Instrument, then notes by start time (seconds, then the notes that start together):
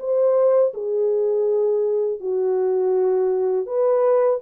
horn
0.00 C5
0.74 G#4
2.21 F#4
3.67 B4